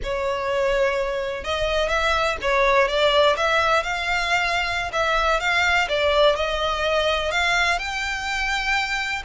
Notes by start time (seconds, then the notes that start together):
0.03 C#5
1.44 D#5
1.88 E5
2.41 C#5
2.88 D5
3.36 E5
3.83 F5
4.92 E5
5.40 F5
5.88 D5
6.35 D#5
7.31 F5
7.78 G5